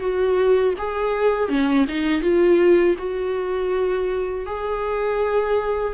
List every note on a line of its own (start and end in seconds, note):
0.00 0.74 F#4
0.78 1.49 G#4
1.49 1.86 C#4
1.89 2.22 D#4
2.22 2.96 F4
2.98 4.46 F#4
4.46 5.94 G#4